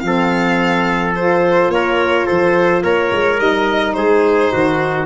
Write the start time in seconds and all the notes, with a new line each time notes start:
0.00 F3 C4 F5
0.07 A4
1.15 F4 C5
1.69 A#3 A#4 C#5
2.26 F3 A4 C5
2.83 A#3 A#4 C#5
3.12 G#3
3.37 G3 D#4 D#5
3.94 G#3 G#4 C5
4.52 D#3 F#4